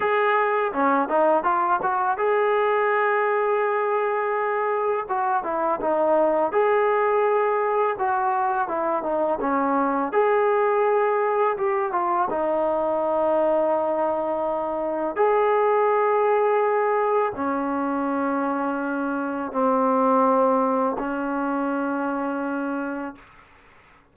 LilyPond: \new Staff \with { instrumentName = "trombone" } { \time 4/4 \tempo 4 = 83 gis'4 cis'8 dis'8 f'8 fis'8 gis'4~ | gis'2. fis'8 e'8 | dis'4 gis'2 fis'4 | e'8 dis'8 cis'4 gis'2 |
g'8 f'8 dis'2.~ | dis'4 gis'2. | cis'2. c'4~ | c'4 cis'2. | }